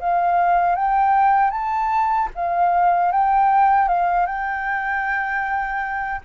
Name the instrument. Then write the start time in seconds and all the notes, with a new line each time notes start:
flute
0.00 F5
0.75 G5
1.51 A5
2.35 F5
3.12 G5
3.88 F5
4.26 G5